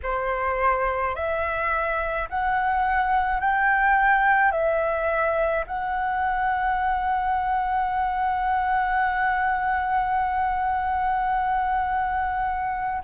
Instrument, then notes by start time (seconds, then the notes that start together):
flute
0.03 C5
1.15 E5
2.29 F#5
3.40 G5
4.51 E5
5.66 F#5